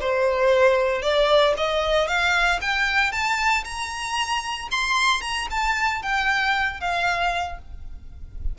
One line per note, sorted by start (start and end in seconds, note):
0.00 1.02 C5
1.02 1.54 D5
1.57 2.08 D#5
2.08 2.60 F5
2.61 3.12 G5
3.12 3.64 A5
3.64 4.68 A#5
4.71 5.21 C6
5.21 5.47 A#5
5.50 6.02 A5
6.02 6.80 G5
6.80 7.58 F5